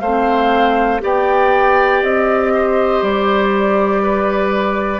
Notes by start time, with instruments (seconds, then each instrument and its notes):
0.00 bassoon A3, oboe C5, flute F5
0.06 clarinet C4
0.99 bassoon B3, clarinet G4, oboe D5, flute G5
2.02 bassoon C4, flute D#5
2.54 oboe C5
3.02 bassoon G3, flute D5
4.02 oboe B4